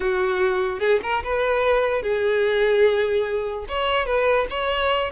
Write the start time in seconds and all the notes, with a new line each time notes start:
0.00 F#4
0.79 G#4
1.02 A#4
1.23 B4
2.02 G#4
3.68 C#5
4.06 B4
4.50 C#5